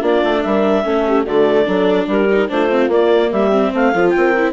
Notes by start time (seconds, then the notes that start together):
0.00 A#3 D4 F4 D5
0.23 A3
0.42 G3 A#4 E5
0.83 A3 C#4 A4
1.07 G4
1.23 D3 A3 F#4 D5
1.65 F#3 D4 A4
2.06 G3 G4 A#4
2.31 D#4
2.48 A3 D4 F4 C5
2.69 C4
2.87 A#3 D5
3.30 G3 G4 E5
3.51 C4
3.73 A3 C5 F5
3.92 F3 F4 A4
4.09 G5
4.16 C4 A#4
4.37 E4